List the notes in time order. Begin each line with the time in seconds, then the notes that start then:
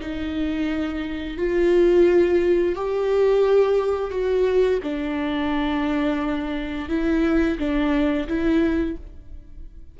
0.00 D#4
1.37 F4
2.75 G4
4.10 F#4
4.83 D4
6.89 E4
7.58 D4
8.27 E4